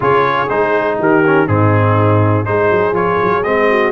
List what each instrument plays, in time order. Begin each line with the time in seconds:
0.00 tuba C#3, trombone F4, horn G#4, trumpet C#5
0.49 tuba G#3, trombone D#4, trumpet C5
0.99 tuba D#3, horn G4, trumpet A#4
1.25 trombone C#4
1.47 tuba G#2, trombone C4, horn D#4, trumpet G#4
2.45 tuba G#3, trombone D#4, horn G#4, trumpet C5
2.70 tuba F#3
2.92 tuba F3, trombone F4, trumpet C#5
3.22 tuba F#3
3.43 tuba G#3, trombone C4, trumpet D#5
3.69 horn F#4